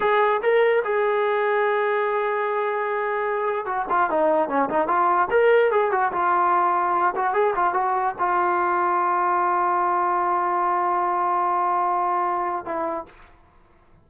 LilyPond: \new Staff \with { instrumentName = "trombone" } { \time 4/4 \tempo 4 = 147 gis'4 ais'4 gis'2~ | gis'1~ | gis'4 fis'8 f'8 dis'4 cis'8 dis'8 | f'4 ais'4 gis'8 fis'8 f'4~ |
f'4. fis'8 gis'8 f'8 fis'4 | f'1~ | f'1~ | f'2. e'4 | }